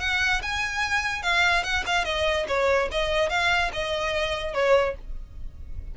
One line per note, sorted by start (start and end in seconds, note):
0.00 0.41 F#5
0.42 1.22 G#5
1.22 1.63 F5
1.63 1.84 F#5
1.86 2.05 F5
2.05 2.46 D#5
2.48 2.89 C#5
2.92 3.30 D#5
3.30 3.71 F5
3.73 4.54 D#5
4.54 4.95 C#5